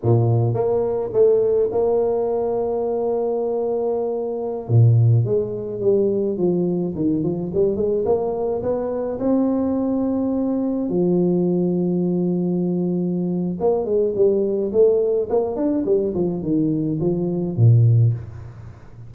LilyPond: \new Staff \with { instrumentName = "tuba" } { \time 4/4 \tempo 4 = 106 ais,4 ais4 a4 ais4~ | ais1~ | ais16 ais,4 gis4 g4 f8.~ | f16 dis8 f8 g8 gis8 ais4 b8.~ |
b16 c'2. f8.~ | f1 | ais8 gis8 g4 a4 ais8 d'8 | g8 f8 dis4 f4 ais,4 | }